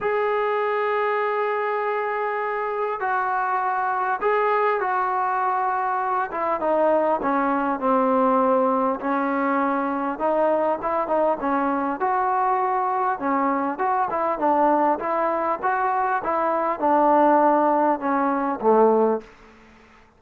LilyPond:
\new Staff \with { instrumentName = "trombone" } { \time 4/4 \tempo 4 = 100 gis'1~ | gis'4 fis'2 gis'4 | fis'2~ fis'8 e'8 dis'4 | cis'4 c'2 cis'4~ |
cis'4 dis'4 e'8 dis'8 cis'4 | fis'2 cis'4 fis'8 e'8 | d'4 e'4 fis'4 e'4 | d'2 cis'4 a4 | }